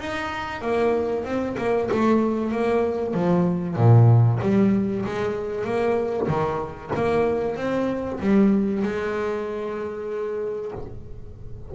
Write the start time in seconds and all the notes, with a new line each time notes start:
0.00 D#4
0.62 A#3
1.25 C4
1.58 A#3
1.92 A3
2.52 A#3
3.14 F3
3.77 A#2
4.42 G3
5.06 G#3
5.65 A#3
6.28 D#3
6.96 A#3
7.57 C4
8.20 G3
8.83 G#3